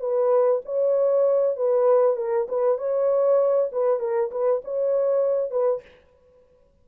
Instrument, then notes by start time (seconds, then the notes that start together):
horn
0.00 B4
0.65 C#5
1.57 B4
2.17 A#4
2.49 B4
2.78 C#5
3.72 B4
4.00 A#4
4.31 B4
4.65 C#5
5.51 B4